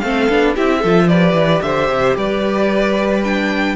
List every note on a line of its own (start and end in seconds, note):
0.00 0.29 A3
0.00 0.30 C4
0.00 0.56 A4
0.00 0.54 F5
0.30 0.57 B3
0.30 0.56 D4
0.56 0.84 C4
0.56 0.83 E4
0.56 0.79 G4
0.56 1.09 E5
0.79 1.34 F3
0.79 1.06 A4
0.85 1.12 F4
1.09 3.24 G4
1.09 1.64 B4
1.09 1.62 D5
1.34 1.61 E3
1.62 1.89 D3
1.62 2.17 C5
1.62 2.16 E5
1.90 2.16 C3
2.17 3.76 G3
2.17 3.76 B4
2.17 3.24 D5
3.24 3.76 D4
3.24 3.76 G5